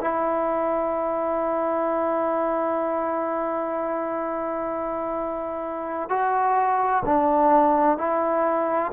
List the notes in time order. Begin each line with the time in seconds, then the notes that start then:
0.00 E4
6.09 F#4
7.05 D4
7.97 E4